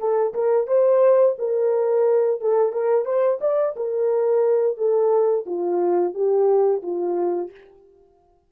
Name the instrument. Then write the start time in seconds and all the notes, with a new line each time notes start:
horn
0.00 A4
0.35 A#4
0.68 C5
1.39 A#4
2.41 A4
2.73 A#4
3.06 C5
3.42 D5
3.77 A#4
4.78 A4
5.46 F4
6.14 G4
6.83 F4